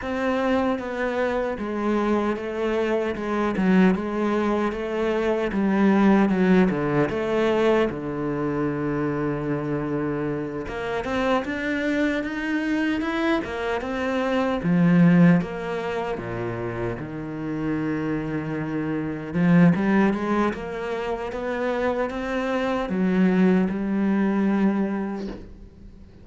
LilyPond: \new Staff \with { instrumentName = "cello" } { \time 4/4 \tempo 4 = 76 c'4 b4 gis4 a4 | gis8 fis8 gis4 a4 g4 | fis8 d8 a4 d2~ | d4. ais8 c'8 d'4 dis'8~ |
dis'8 e'8 ais8 c'4 f4 ais8~ | ais8 ais,4 dis2~ dis8~ | dis8 f8 g8 gis8 ais4 b4 | c'4 fis4 g2 | }